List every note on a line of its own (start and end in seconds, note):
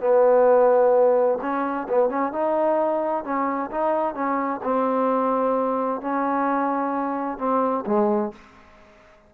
0.00 1.38 B3
1.41 1.87 C#4
1.88 2.09 B3
2.09 2.32 C#4
2.32 3.24 D#4
3.24 3.70 C#4
3.71 4.14 D#4
4.14 4.60 C#4
4.63 6.01 C4
6.01 7.38 C#4
7.38 7.84 C4
7.86 8.32 G#3